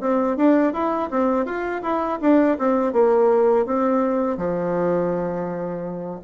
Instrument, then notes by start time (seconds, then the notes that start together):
bassoon
0.00 C4
0.37 D4
0.73 E4
1.10 C4
1.45 F4
1.82 E4
2.21 D4
2.58 C4
2.92 A#3
3.66 C4
4.37 F3